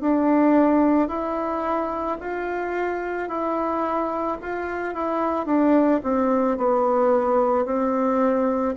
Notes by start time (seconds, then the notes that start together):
0.00 D4
1.08 E4
2.20 F4
3.28 E4
4.41 F4
4.94 E4
5.45 D4
6.02 C4
6.57 B3
7.65 C4